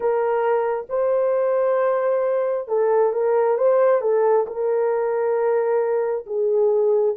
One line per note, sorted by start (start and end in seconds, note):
0.00 0.87 A#4
0.89 2.67 C5
2.67 3.12 A4
3.13 3.57 A#4
3.57 4.01 C5
4.01 4.45 A4
4.46 6.25 A#4
6.26 7.16 G#4